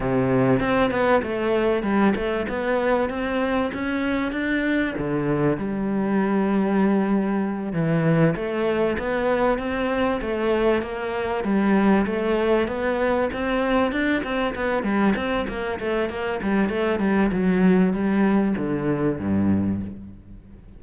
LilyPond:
\new Staff \with { instrumentName = "cello" } { \time 4/4 \tempo 4 = 97 c4 c'8 b8 a4 g8 a8 | b4 c'4 cis'4 d'4 | d4 g2.~ | g8 e4 a4 b4 c'8~ |
c'8 a4 ais4 g4 a8~ | a8 b4 c'4 d'8 c'8 b8 | g8 c'8 ais8 a8 ais8 g8 a8 g8 | fis4 g4 d4 g,4 | }